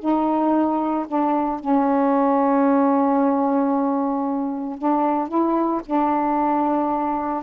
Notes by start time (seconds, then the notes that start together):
0.00 D#4
1.08 D4
1.60 C#4
4.78 D4
5.28 E4
5.86 D4